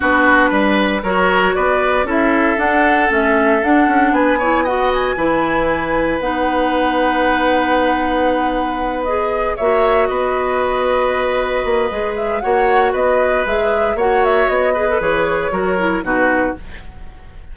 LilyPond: <<
  \new Staff \with { instrumentName = "flute" } { \time 4/4 \tempo 4 = 116 b'2 cis''4 d''4 | e''4 fis''4 e''4 fis''4 | gis''4 fis''8 gis''2~ gis''8 | fis''1~ |
fis''4. dis''4 e''4 dis''8~ | dis''2.~ dis''8 e''8 | fis''4 dis''4 e''4 fis''8 e''8 | dis''4 cis''2 b'4 | }
  \new Staff \with { instrumentName = "oboe" } { \time 4/4 fis'4 b'4 ais'4 b'4 | a'1 | b'8 cis''8 dis''4 b'2~ | b'1~ |
b'2~ b'8 cis''4 b'8~ | b'1 | cis''4 b'2 cis''4~ | cis''8 b'4. ais'4 fis'4 | }
  \new Staff \with { instrumentName = "clarinet" } { \time 4/4 d'2 fis'2 | e'4 d'4 cis'4 d'4~ | d'8 e'8 fis'4 e'2 | dis'1~ |
dis'4. gis'4 fis'4.~ | fis'2. gis'4 | fis'2 gis'4 fis'4~ | fis'8 gis'16 a'16 gis'4 fis'8 e'8 dis'4 | }
  \new Staff \with { instrumentName = "bassoon" } { \time 4/4 b4 g4 fis4 b4 | cis'4 d'4 a4 d'8 cis'8 | b2 e2 | b1~ |
b2~ b8 ais4 b8~ | b2~ b8 ais8 gis4 | ais4 b4 gis4 ais4 | b4 e4 fis4 b,4 | }
>>